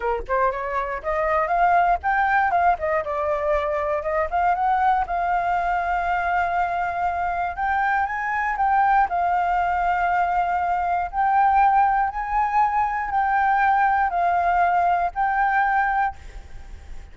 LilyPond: \new Staff \with { instrumentName = "flute" } { \time 4/4 \tempo 4 = 119 ais'8 c''8 cis''4 dis''4 f''4 | g''4 f''8 dis''8 d''2 | dis''8 f''8 fis''4 f''2~ | f''2. g''4 |
gis''4 g''4 f''2~ | f''2 g''2 | gis''2 g''2 | f''2 g''2 | }